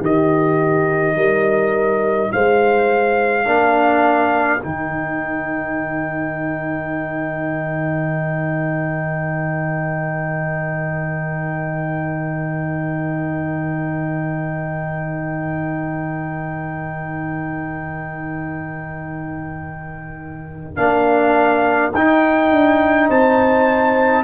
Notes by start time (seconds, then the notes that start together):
0.00 D#3 D#4 G4 D#5
1.15 G3 A#4
2.31 G#3 C5 F5
3.44 A#3 D4 A#4
4.63 D#3 D#4 G5
20.75 A#3 D4 F5
21.94 D#4 G5
22.51 D4
23.08 C4 C5 A5